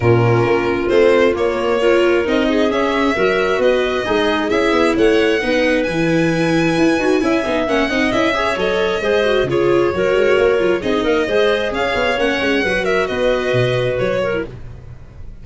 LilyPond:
<<
  \new Staff \with { instrumentName = "violin" } { \time 4/4 \tempo 4 = 133 ais'2 c''4 cis''4~ | cis''4 dis''4 e''2 | dis''2 e''4 fis''4~ | fis''4 gis''2.~ |
gis''4 fis''4 e''4 dis''4~ | dis''4 cis''2. | dis''2 f''4 fis''4~ | fis''8 e''8 dis''2 cis''4 | }
  \new Staff \with { instrumentName = "clarinet" } { \time 4/4 f'1 | ais'4. gis'4. ais'4 | b'4 dis'4 gis'4 cis''4 | b'1 |
e''4. dis''4 cis''4. | c''4 gis'4 ais'2 | gis'8 ais'8 c''4 cis''2 | b'8 ais'8 b'2~ b'8 ais'8 | }
  \new Staff \with { instrumentName = "viola" } { \time 4/4 cis'2 c'4 ais4 | f'4 dis'4 cis'4 fis'4~ | fis'4 gis'4 e'2 | dis'4 e'2~ e'8 fis'8 |
e'8 dis'8 cis'8 dis'8 e'8 gis'8 a'4 | gis'8 fis'8 f'4 fis'4. f'8 | dis'4 gis'2 cis'4 | fis'2.~ fis'8. e'16 | }
  \new Staff \with { instrumentName = "tuba" } { \time 4/4 ais,4 ais4 a4 ais4~ | ais4 c'4 cis'4 fis4 | b4 gis4 cis'8 b8 a4 | b4 e2 e'8 dis'8 |
cis'8 b8 ais8 c'8 cis'4 fis4 | gis4 cis4 fis8 gis8 ais8 fis8 | c'8 ais8 gis4 cis'8 b8 ais8 gis8 | fis4 b4 b,4 fis4 | }
>>